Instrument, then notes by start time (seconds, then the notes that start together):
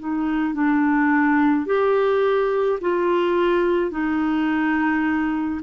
clarinet
0.00 D#4
0.55 D4
1.67 G4
2.81 F4
3.91 D#4